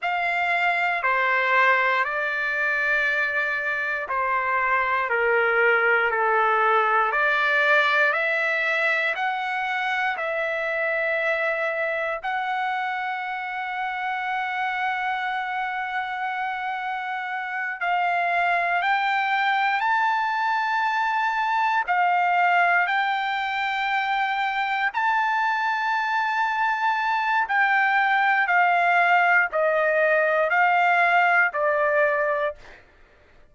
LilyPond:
\new Staff \with { instrumentName = "trumpet" } { \time 4/4 \tempo 4 = 59 f''4 c''4 d''2 | c''4 ais'4 a'4 d''4 | e''4 fis''4 e''2 | fis''1~ |
fis''4. f''4 g''4 a''8~ | a''4. f''4 g''4.~ | g''8 a''2~ a''8 g''4 | f''4 dis''4 f''4 d''4 | }